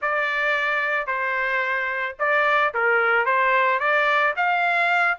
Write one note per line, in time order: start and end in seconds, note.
0.01 1.07 D5
1.07 2.16 C5
2.19 2.73 D5
2.73 3.25 A#4
3.25 3.79 C5
3.79 4.34 D5
4.36 5.18 F5